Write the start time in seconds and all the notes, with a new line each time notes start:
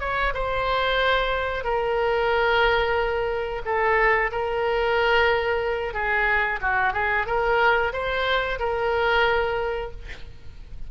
0.00 C#5
0.34 C5
1.64 A#4
3.65 A4
4.31 A#4
5.94 G#4
6.61 F#4
6.93 G#4
7.26 A#4
7.93 C5
8.59 A#4